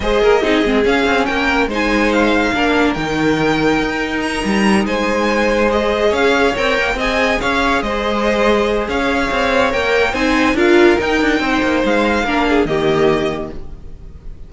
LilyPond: <<
  \new Staff \with { instrumentName = "violin" } { \time 4/4 \tempo 4 = 142 dis''2 f''4 g''4 | gis''4 f''2 g''4~ | g''2 ais''4. gis''8~ | gis''4. dis''4 f''4 g''8~ |
g''8 gis''4 f''4 dis''4.~ | dis''4 f''2 g''4 | gis''4 f''4 g''2 | f''2 dis''2 | }
  \new Staff \with { instrumentName = "violin" } { \time 4/4 c''8 ais'8 gis'2 ais'4 | c''2 ais'2~ | ais'2.~ ais'8 c''8~ | c''2~ c''8 cis''4.~ |
cis''8 dis''4 cis''4 c''4.~ | c''4 cis''2. | c''4 ais'2 c''4~ | c''4 ais'8 gis'8 g'2 | }
  \new Staff \with { instrumentName = "viola" } { \time 4/4 gis'4 dis'8 c'8 cis'2 | dis'2 d'4 dis'4~ | dis'1~ | dis'4. gis'2 ais'8~ |
ais'8 gis'2.~ gis'8~ | gis'2. ais'4 | dis'4 f'4 dis'2~ | dis'4 d'4 ais2 | }
  \new Staff \with { instrumentName = "cello" } { \time 4/4 gis8 ais8 c'8 gis8 cis'8 c'8 ais4 | gis2 ais4 dis4~ | dis4 dis'4. g4 gis8~ | gis2~ gis8 cis'4 c'8 |
ais8 c'4 cis'4 gis4.~ | gis4 cis'4 c'4 ais4 | c'4 d'4 dis'8 d'8 c'8 ais8 | gis4 ais4 dis2 | }
>>